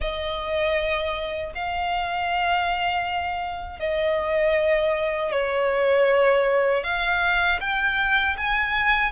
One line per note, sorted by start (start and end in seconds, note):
0.00 1.52 D#5
1.55 3.79 F5
3.79 5.31 D#5
5.31 6.83 C#5
6.84 7.59 F5
7.60 8.36 G5
8.37 9.11 G#5